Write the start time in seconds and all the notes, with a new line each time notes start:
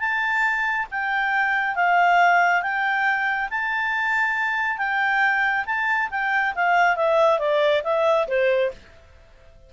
0.00 A5
0.91 G5
1.76 F5
2.62 G5
3.50 A5
4.78 G5
5.66 A5
6.11 G5
6.55 F5
6.96 E5
7.39 D5
7.84 E5
8.28 C5